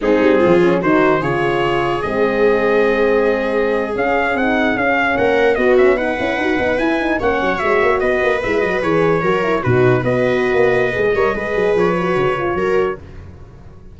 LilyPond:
<<
  \new Staff \with { instrumentName = "trumpet" } { \time 4/4 \tempo 4 = 148 gis'2 c''4 cis''4~ | cis''4 dis''2.~ | dis''4.~ dis''16 f''4 fis''4 f''16~ | f''8. fis''4 dis''8 e''8 fis''4~ fis''16~ |
fis''8. gis''4 fis''4 e''4 dis''16~ | dis''8. e''8 dis''8 cis''2 b'16~ | b'8. dis''2.~ dis''16~ | dis''4 cis''2. | }
  \new Staff \with { instrumentName = "viola" } { \time 4/4 dis'4 f'4 fis'4 gis'4~ | gis'1~ | gis'1~ | gis'8. ais'4 fis'4 b'4~ b'16~ |
b'4.~ b'16 cis''2 b'16~ | b'2~ b'8. ais'4 fis'16~ | fis'8. b'2~ b'8. cis''8 | b'2. ais'4 | }
  \new Staff \with { instrumentName = "horn" } { \time 4/4 c'4. cis'8 dis'4 f'4~ | f'4 c'2.~ | c'4.~ c'16 cis'4 dis'4 cis'16~ | cis'4.~ cis'16 b8 cis'8 dis'8 e'8 fis'16~ |
fis'16 dis'8 e'8 dis'8 cis'4 fis'4~ fis'16~ | fis'8. e'8 fis'8 gis'4 fis'8 e'8 dis'16~ | dis'8. fis'2~ fis'16 gis'8 ais'8 | gis'4. fis'4 f'8 fis'4 | }
  \new Staff \with { instrumentName = "tuba" } { \time 4/4 gis8 g8 f4 dis4 cis4~ | cis4 gis2.~ | gis4.~ gis16 cis'4 c'4 cis'16~ | cis'8. ais4 b4. cis'8 dis'16~ |
dis'16 b8 e'4 ais8 fis8 gis8 ais8 b16~ | b16 ais8 gis8 fis8 e4 fis4 b,16~ | b,8. b4~ b16 ais4 gis8 g8 | gis8 fis8 f4 cis4 fis4 | }
>>